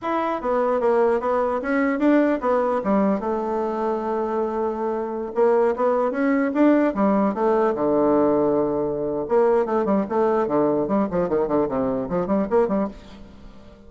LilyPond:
\new Staff \with { instrumentName = "bassoon" } { \time 4/4 \tempo 4 = 149 e'4 b4 ais4 b4 | cis'4 d'4 b4 g4 | a1~ | a4~ a16 ais4 b4 cis'8.~ |
cis'16 d'4 g4 a4 d8.~ | d2. ais4 | a8 g8 a4 d4 g8 f8 | dis8 d8 c4 f8 g8 ais8 g8 | }